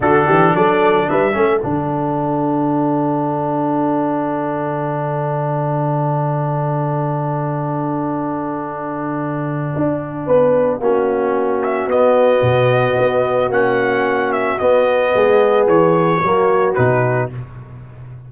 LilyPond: <<
  \new Staff \with { instrumentName = "trumpet" } { \time 4/4 \tempo 4 = 111 a'4 d''4 e''4 fis''4~ | fis''1~ | fis''1~ | fis''1~ |
fis''1~ | fis''4. e''8 dis''2~ | dis''4 fis''4. e''8 dis''4~ | dis''4 cis''2 b'4 | }
  \new Staff \with { instrumentName = "horn" } { \time 4/4 fis'8 g'8 a'4 b'8 a'4.~ | a'1~ | a'1~ | a'1~ |
a'2. b'4 | fis'1~ | fis'1 | gis'2 fis'2 | }
  \new Staff \with { instrumentName = "trombone" } { \time 4/4 d'2~ d'8 cis'8 d'4~ | d'1~ | d'1~ | d'1~ |
d'1 | cis'2 b2~ | b4 cis'2 b4~ | b2 ais4 dis'4 | }
  \new Staff \with { instrumentName = "tuba" } { \time 4/4 d8 e8 fis4 g8 a8 d4~ | d1~ | d1~ | d1~ |
d2 d'4 b4 | ais2 b4 b,4 | b4 ais2 b4 | gis4 e4 fis4 b,4 | }
>>